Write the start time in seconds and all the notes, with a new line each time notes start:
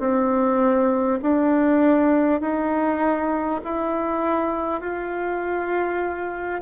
0.00 C4
1.23 D4
2.41 D#4
3.64 E4
4.81 F4